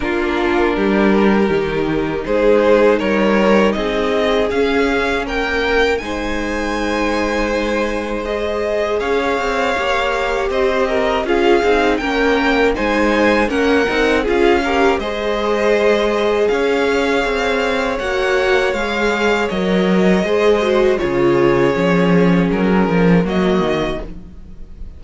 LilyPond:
<<
  \new Staff \with { instrumentName = "violin" } { \time 4/4 \tempo 4 = 80 ais'2. c''4 | cis''4 dis''4 f''4 g''4 | gis''2. dis''4 | f''2 dis''4 f''4 |
g''4 gis''4 fis''4 f''4 | dis''2 f''2 | fis''4 f''4 dis''2 | cis''2 ais'4 dis''4 | }
  \new Staff \with { instrumentName = "violin" } { \time 4/4 f'4 g'2 gis'4 | ais'4 gis'2 ais'4 | c''1 | cis''2 c''8 ais'8 gis'4 |
ais'4 c''4 ais'4 gis'8 ais'8 | c''2 cis''2~ | cis''2. c''4 | gis'2. fis'4 | }
  \new Staff \with { instrumentName = "viola" } { \time 4/4 d'2 dis'2~ | dis'2 cis'2 | dis'2. gis'4~ | gis'4 g'2 f'8 dis'8 |
cis'4 dis'4 cis'8 dis'8 f'8 g'8 | gis'1 | fis'4 gis'4 ais'4 gis'8 fis'8 | f'4 cis'2 ais4 | }
  \new Staff \with { instrumentName = "cello" } { \time 4/4 ais4 g4 dis4 gis4 | g4 c'4 cis'4 ais4 | gis1 | cis'8 c'8 ais4 c'4 cis'8 c'8 |
ais4 gis4 ais8 c'8 cis'4 | gis2 cis'4 c'4 | ais4 gis4 fis4 gis4 | cis4 f4 fis8 f8 fis8 dis8 | }
>>